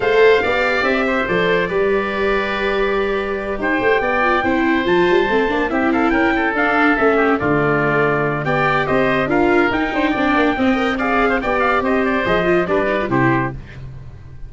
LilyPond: <<
  \new Staff \with { instrumentName = "trumpet" } { \time 4/4 \tempo 4 = 142 f''2 e''4 d''4~ | d''1~ | d''8 g''2. a''8~ | a''4. e''8 f''8 g''4 f''8~ |
f''8 e''4 d''2~ d''8 | g''4 dis''4 f''4 g''4~ | g''2 f''4 g''8 f''8 | dis''8 d''8 dis''4 d''4 c''4 | }
  \new Staff \with { instrumentName = "oboe" } { \time 4/4 c''4 d''4. c''4. | b'1~ | b'8 c''4 d''4 c''4.~ | c''4. g'8 a'8 ais'8 a'4~ |
a'4 g'8 f'2~ f'8 | d''4 c''4 ais'4. c''8 | d''4 dis''4 d''8. c''16 d''4 | c''2 b'4 g'4 | }
  \new Staff \with { instrumentName = "viola" } { \time 4/4 a'4 g'2 a'4 | g'1~ | g'2 f'8 e'4 f'8~ | f'8 c'8 d'8 e'2 d'8~ |
d'8 cis'4 a2~ a8 | g'2 f'4 dis'4 | d'4 c'8 ais'8 gis'4 g'4~ | g'4 gis'8 f'8 d'8 dis'16 f'16 e'4 | }
  \new Staff \with { instrumentName = "tuba" } { \time 4/4 a4 b4 c'4 f4 | g1~ | g8 dis'8 a8 b4 c'4 f8 | g8 a8 ais8 c'4 cis'4 d'8~ |
d'8 a4 d2~ d8 | b4 c'4 d'4 dis'8 d'8 | c'8 ais8 c'2 b4 | c'4 f4 g4 c4 | }
>>